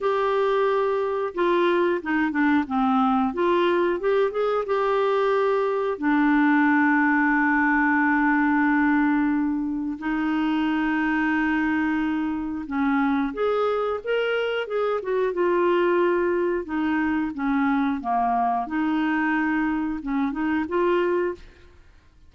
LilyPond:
\new Staff \with { instrumentName = "clarinet" } { \time 4/4 \tempo 4 = 90 g'2 f'4 dis'8 d'8 | c'4 f'4 g'8 gis'8 g'4~ | g'4 d'2.~ | d'2. dis'4~ |
dis'2. cis'4 | gis'4 ais'4 gis'8 fis'8 f'4~ | f'4 dis'4 cis'4 ais4 | dis'2 cis'8 dis'8 f'4 | }